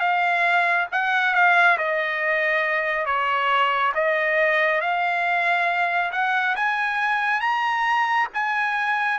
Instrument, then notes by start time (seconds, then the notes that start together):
trumpet
0.00 F5
0.92 F#5
1.34 F5
1.78 D#5
3.06 C#5
3.95 D#5
4.81 F5
6.12 F#5
6.56 G#5
7.41 A#5
8.34 G#5